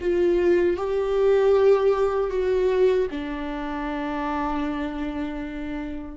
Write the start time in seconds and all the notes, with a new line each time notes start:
0.00 F4
0.76 G4
2.30 F#4
3.10 D4